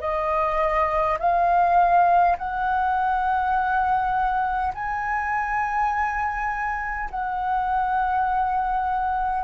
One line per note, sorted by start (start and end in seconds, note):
0.00 1.18 D#5
1.19 2.37 F5
2.37 4.73 F#5
4.74 7.10 G#5
7.10 9.44 F#5